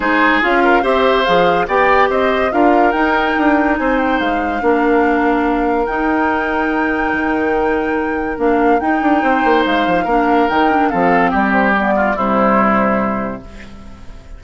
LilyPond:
<<
  \new Staff \with { instrumentName = "flute" } { \time 4/4 \tempo 4 = 143 c''4 f''4 e''4 f''4 | g''4 dis''4 f''4 g''4~ | g''4 gis''8 g''8 f''2~ | f''2 g''2~ |
g''1 | f''4 g''2 f''4~ | f''4 g''4 f''4 d''8 c''8 | d''4 c''2. | }
  \new Staff \with { instrumentName = "oboe" } { \time 4/4 gis'4. ais'8 c''2 | d''4 c''4 ais'2~ | ais'4 c''2 ais'4~ | ais'1~ |
ais'1~ | ais'2 c''2 | ais'2 a'4 g'4~ | g'8 f'8 e'2. | }
  \new Staff \with { instrumentName = "clarinet" } { \time 4/4 dis'4 f'4 g'4 gis'4 | g'2 f'4 dis'4~ | dis'2. d'4~ | d'2 dis'2~ |
dis'1 | d'4 dis'2. | d'4 dis'8 d'8 c'2 | b4 g2. | }
  \new Staff \with { instrumentName = "bassoon" } { \time 4/4 gis4 cis'4 c'4 f4 | b4 c'4 d'4 dis'4 | d'4 c'4 gis4 ais4~ | ais2 dis'2~ |
dis'4 dis2. | ais4 dis'8 d'8 c'8 ais8 gis8 f8 | ais4 dis4 f4 g4~ | g4 c2. | }
>>